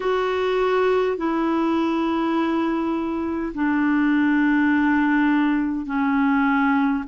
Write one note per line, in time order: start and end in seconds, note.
0.00 1.17 F#4
1.17 3.52 E4
3.54 5.86 D4
5.86 7.03 C#4